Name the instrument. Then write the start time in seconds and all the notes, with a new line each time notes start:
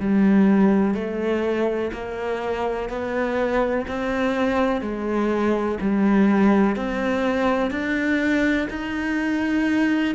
cello
0.00 G3
0.95 A3
1.93 A#3
2.89 B3
3.88 C4
4.81 G#3
5.81 G3
6.76 C4
7.71 D4
8.70 D#4